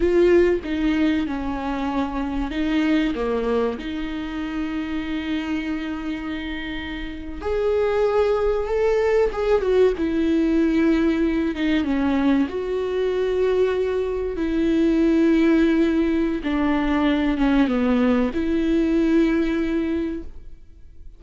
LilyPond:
\new Staff \with { instrumentName = "viola" } { \time 4/4 \tempo 4 = 95 f'4 dis'4 cis'2 | dis'4 ais4 dis'2~ | dis'2.~ dis'8. gis'16~ | gis'4.~ gis'16 a'4 gis'8 fis'8 e'16~ |
e'2~ e'16 dis'8 cis'4 fis'16~ | fis'2~ fis'8. e'4~ e'16~ | e'2 d'4. cis'8 | b4 e'2. | }